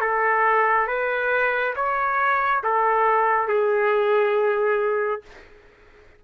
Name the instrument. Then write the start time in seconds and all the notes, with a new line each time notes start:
trumpet
0.00 A4
0.87 B4
1.75 C#5
2.63 A4
3.48 G#4